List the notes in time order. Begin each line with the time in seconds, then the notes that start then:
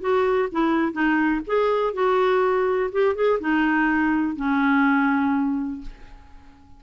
0.00 F#4
0.51 E4
0.92 D#4
1.46 G#4
1.93 F#4
2.92 G4
3.15 G#4
3.40 D#4
4.36 C#4